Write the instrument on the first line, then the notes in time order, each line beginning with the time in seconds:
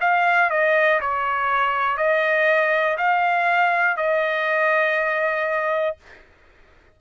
trumpet
0.00 F5
0.50 D#5
1.01 C#5
1.97 D#5
2.98 F5
3.96 D#5